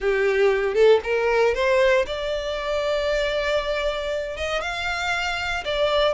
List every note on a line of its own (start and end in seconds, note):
0.00 0.74 G4
0.74 1.00 A4
1.03 1.54 A#4
1.54 2.05 C5
2.06 4.36 D5
4.36 4.61 D#5
4.61 5.63 F5
5.64 6.14 D5